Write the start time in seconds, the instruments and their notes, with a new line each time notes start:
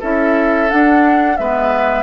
0.00 bassoon C#4, clarinet E4, oboe A4, flute E5
0.68 clarinet D4, bassoon D4, flute F#5
1.37 bassoon G#3, clarinet B3, oboe B4, flute E5